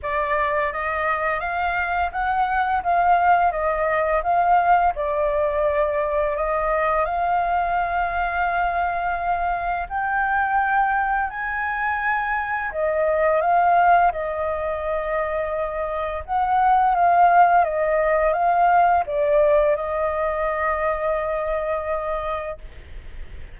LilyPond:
\new Staff \with { instrumentName = "flute" } { \time 4/4 \tempo 4 = 85 d''4 dis''4 f''4 fis''4 | f''4 dis''4 f''4 d''4~ | d''4 dis''4 f''2~ | f''2 g''2 |
gis''2 dis''4 f''4 | dis''2. fis''4 | f''4 dis''4 f''4 d''4 | dis''1 | }